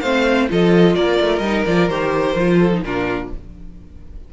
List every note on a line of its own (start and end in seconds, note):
0.00 0.49 A3
0.00 0.49 C4
0.00 0.49 C5
0.00 0.47 F5
0.49 0.96 F3
0.49 1.43 F4
0.49 0.96 A4
0.49 0.95 D#5
0.95 1.19 A#3
0.95 2.58 A#4
0.95 1.39 D5
1.20 1.40 A3
1.39 1.63 G3
1.39 1.67 D#4
1.39 1.62 D#5
1.65 1.89 F3
1.65 1.90 F4
1.65 1.88 D5
1.88 2.35 D#3
1.88 2.37 G4
1.88 2.82 C5
2.35 2.82 F3
2.35 2.73 F4
2.58 2.81 A4
2.73 2.84 D#4
2.82 3.29 A#2
2.82 3.33 D4
2.82 3.32 F4
2.82 3.30 A#4